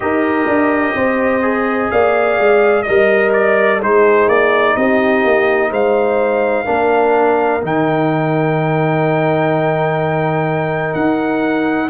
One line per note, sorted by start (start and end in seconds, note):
0.00 0.46 D#4
0.00 1.41 G4
0.00 0.95 A#4
0.00 1.90 D#5
0.46 0.94 D4
0.95 1.90 C4
0.95 1.90 C5
1.41 2.84 G#4
1.90 2.38 A#3
1.90 2.85 D5
1.90 2.82 F5
2.38 2.86 G#3
2.82 3.82 G3
2.82 3.81 A#4
2.82 3.30 D#5
2.82 3.79 D#5
3.33 3.80 D5
3.79 4.27 G#3
3.79 6.65 D#4
3.79 4.75 G#4
3.79 4.28 C5
4.27 4.75 A#3
4.27 4.76 D5
4.76 5.24 C4
4.76 5.70 G4
4.76 5.71 D#5
5.24 5.71 A#3
5.70 6.66 G#3
5.70 6.64 C5
5.70 7.63 F5
6.64 7.62 A#3
6.64 7.60 D4
6.64 11.88 A#4
7.61 10.95 D#3
7.61 11.89 D#4
7.61 10.93 G5
10.93 11.89 D#4
10.93 11.89 F#5